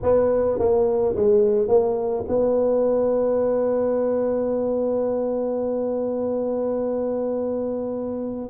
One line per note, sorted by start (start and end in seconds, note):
0.02 0.58 B3
0.58 1.15 A#3
1.15 1.68 G#3
1.68 2.24 A#3
2.27 8.50 B3